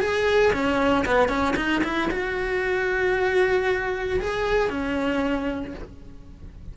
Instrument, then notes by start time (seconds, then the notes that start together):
cello
0.00 G#4
0.53 C#4
1.05 B3
1.29 C#4
1.56 D#4
1.84 E4
2.11 F#4
4.20 G#4
4.70 C#4